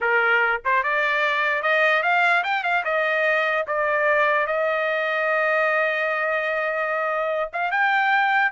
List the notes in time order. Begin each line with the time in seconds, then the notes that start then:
0.00 A#4
0.64 C5
0.83 D5
1.62 D#5
2.02 F5
2.43 G5
2.63 F5
2.84 D#5
3.67 D5
4.46 D#5
7.53 F5
7.71 G5